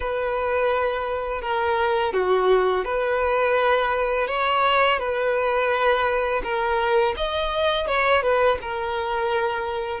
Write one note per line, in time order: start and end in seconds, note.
0.00 1.41 B4
1.41 2.13 A#4
2.13 2.84 F#4
2.84 4.27 B4
4.27 4.99 C#5
4.99 6.42 B4
6.43 7.14 A#4
7.16 7.87 D#5
7.87 8.22 C#5
8.22 8.57 B4
8.61 10.00 A#4